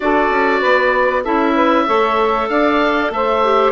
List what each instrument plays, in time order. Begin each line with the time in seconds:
0.00 bassoon D4, clarinet F#4, saxophone A4, oboe D5
0.29 bassoon C#4
0.60 bassoon B3, saxophone B4
1.23 bassoon C#4, clarinet E4, saxophone A4, oboe E5
1.54 saxophone B4
1.86 bassoon A3, clarinet A4, saxophone C#5
2.49 bassoon D4, saxophone D5, oboe F5
3.10 bassoon A3, saxophone C5, oboe E5
3.43 clarinet G4